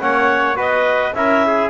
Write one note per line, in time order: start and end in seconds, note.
0.00 0.57 A#3
0.00 0.55 C#4
0.00 0.56 C#5
0.00 0.58 F#5
0.55 1.14 B3
0.55 1.13 F#4
0.55 1.14 B4
0.55 1.15 D#5
1.14 1.70 C#4
1.14 1.70 E4
1.14 1.45 A#4
1.14 1.70 E5
1.46 1.70 G#4